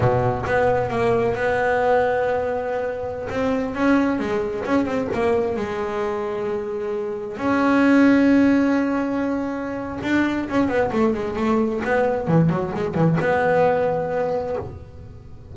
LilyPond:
\new Staff \with { instrumentName = "double bass" } { \time 4/4 \tempo 4 = 132 b,4 b4 ais4 b4~ | b2.~ b16 c'8.~ | c'16 cis'4 gis4 cis'8 c'8 ais8.~ | ais16 gis2.~ gis8.~ |
gis16 cis'2.~ cis'8.~ | cis'2 d'4 cis'8 b8 | a8 gis8 a4 b4 e8 fis8 | gis8 e8 b2. | }